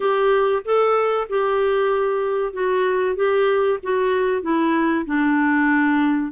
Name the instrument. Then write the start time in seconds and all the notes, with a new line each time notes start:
clarinet
0.00 G4
0.64 A4
1.29 G4
2.53 F#4
3.16 G4
3.82 F#4
4.42 E4
5.05 D4